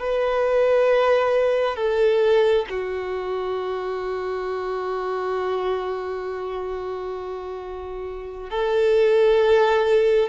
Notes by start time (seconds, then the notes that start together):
0.00 B4
1.77 A4
2.70 F#4
8.51 A4